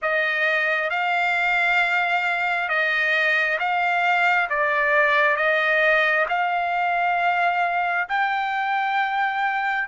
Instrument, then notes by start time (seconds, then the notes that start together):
trumpet
0.02 D#5
0.90 F5
2.68 D#5
3.59 F5
4.49 D5
5.36 D#5
6.28 F5
8.08 G5